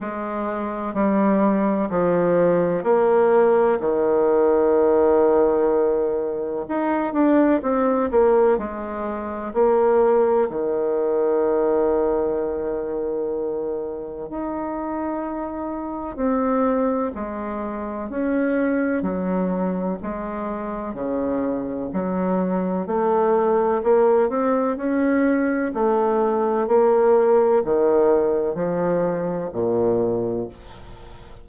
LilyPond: \new Staff \with { instrumentName = "bassoon" } { \time 4/4 \tempo 4 = 63 gis4 g4 f4 ais4 | dis2. dis'8 d'8 | c'8 ais8 gis4 ais4 dis4~ | dis2. dis'4~ |
dis'4 c'4 gis4 cis'4 | fis4 gis4 cis4 fis4 | a4 ais8 c'8 cis'4 a4 | ais4 dis4 f4 ais,4 | }